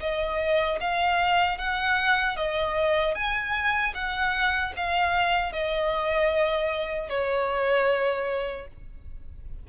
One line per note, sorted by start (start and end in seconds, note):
0.00 0.79 D#5
0.80 1.58 F5
1.58 2.36 F#5
2.36 3.14 D#5
3.14 3.93 G#5
3.94 4.73 F#5
4.76 5.52 F5
5.52 7.09 D#5
7.09 8.67 C#5